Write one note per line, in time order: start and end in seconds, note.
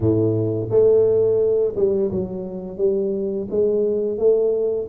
0.00 0.69 A2
0.70 1.74 A3
1.76 2.11 G3
2.11 2.77 F#3
2.77 3.47 G3
3.50 4.17 G#3
4.17 4.87 A3